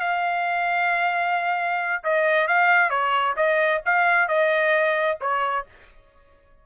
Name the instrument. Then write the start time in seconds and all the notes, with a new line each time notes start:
trumpet
0.00 F5
2.04 D#5
2.48 F5
2.90 C#5
3.36 D#5
3.85 F5
4.28 D#5
5.21 C#5